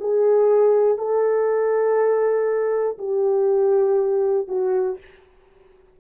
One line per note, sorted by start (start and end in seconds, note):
0.00 0.98 G#4
0.98 2.98 A4
2.99 4.48 G4
4.48 4.98 F#4